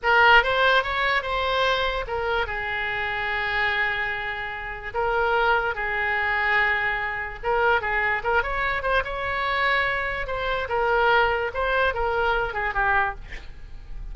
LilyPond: \new Staff \with { instrumentName = "oboe" } { \time 4/4 \tempo 4 = 146 ais'4 c''4 cis''4 c''4~ | c''4 ais'4 gis'2~ | gis'1 | ais'2 gis'2~ |
gis'2 ais'4 gis'4 | ais'8 cis''4 c''8 cis''2~ | cis''4 c''4 ais'2 | c''4 ais'4. gis'8 g'4 | }